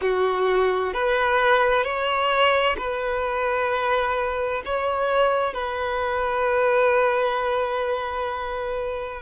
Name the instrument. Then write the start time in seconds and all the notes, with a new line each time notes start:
violin
0.01 F#4
0.93 B4
1.83 C#5
2.77 B4
4.64 C#5
5.53 B4